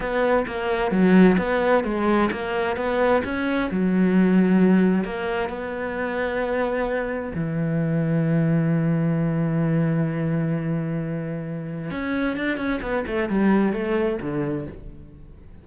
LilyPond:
\new Staff \with { instrumentName = "cello" } { \time 4/4 \tempo 4 = 131 b4 ais4 fis4 b4 | gis4 ais4 b4 cis'4 | fis2. ais4 | b1 |
e1~ | e1~ | e2 cis'4 d'8 cis'8 | b8 a8 g4 a4 d4 | }